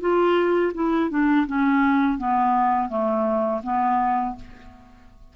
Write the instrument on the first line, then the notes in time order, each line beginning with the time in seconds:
clarinet
0.00 F4
0.74 E4
1.10 D4
1.46 C#4
2.18 B3
2.88 A3
3.63 B3